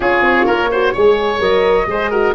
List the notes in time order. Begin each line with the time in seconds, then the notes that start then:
0.00 C#4 F4 G#4 C#5
0.21 C4
0.46 A#3 A#4
0.71 F#4 C5
0.93 G#3 G#4 C#5
1.39 F#3 A#4 D#5
1.86 G#3 G#4 C5
2.10 F#4 A#4